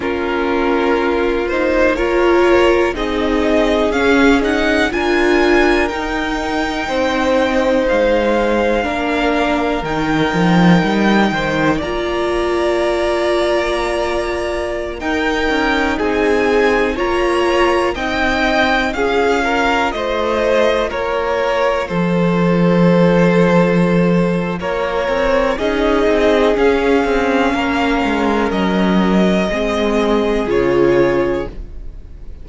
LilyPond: <<
  \new Staff \with { instrumentName = "violin" } { \time 4/4 \tempo 4 = 61 ais'4. c''8 cis''4 dis''4 | f''8 fis''8 gis''4 g''2 | f''2 g''2 | ais''2.~ ais''16 g''8.~ |
g''16 gis''4 ais''4 g''4 f''8.~ | f''16 dis''4 cis''4 c''4.~ c''16~ | c''4 cis''4 dis''4 f''4~ | f''4 dis''2 cis''4 | }
  \new Staff \with { instrumentName = "violin" } { \time 4/4 f'2 ais'4 gis'4~ | gis'4 ais'2 c''4~ | c''4 ais'2~ ais'8 c''8 | d''2.~ d''16 ais'8.~ |
ais'16 gis'4 cis''4 dis''4 gis'8 ais'16~ | ais'16 c''4 ais'4 a'4.~ a'16~ | a'4 ais'4 gis'2 | ais'2 gis'2 | }
  \new Staff \with { instrumentName = "viola" } { \time 4/4 cis'4. dis'8 f'4 dis'4 | cis'8 dis'8 f'4 dis'2~ | dis'4 d'4 dis'2 | f'2.~ f'16 dis'8.~ |
dis'4~ dis'16 f'4 dis'4 f'8.~ | f'1~ | f'2 dis'4 cis'4~ | cis'2 c'4 f'4 | }
  \new Staff \with { instrumentName = "cello" } { \time 4/4 ais2. c'4 | cis'4 d'4 dis'4 c'4 | gis4 ais4 dis8 f8 g8 dis8 | ais2.~ ais16 dis'8 cis'16~ |
cis'16 c'4 ais4 c'4 cis'8.~ | cis'16 a4 ais4 f4.~ f16~ | f4 ais8 c'8 cis'8 c'8 cis'8 c'8 | ais8 gis8 fis4 gis4 cis4 | }
>>